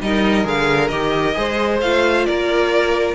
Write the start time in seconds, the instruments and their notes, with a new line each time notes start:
0.00 cello G3, viola D#4, violin A#4 D#5
0.44 cello D3, viola G#4, violin F5
0.88 cello D#3, viola G4, violin D#5
1.34 cello G#3, viola G#4, violin C5
1.81 cello A3, viola F4, violin F5
2.25 cello A#3, violin A#4 D5